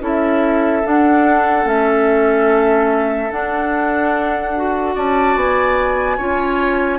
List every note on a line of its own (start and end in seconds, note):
0.00 0.82 C#4
0.00 0.83 E4
0.00 4.94 A4
0.00 0.86 E5
0.83 1.64 D4
0.83 1.65 D4
0.83 1.67 F#5
1.64 3.29 A3
1.64 3.29 C#4
1.64 3.31 E5
3.31 4.96 D4
3.31 4.55 D4
3.31 4.95 F#5
4.56 6.19 F#4
4.94 5.35 C#4
4.94 6.17 D5
4.94 5.37 A5
5.35 6.18 B3
5.35 6.99 G#5
6.17 6.99 C#4
6.17 6.99 F4
6.17 6.99 C#5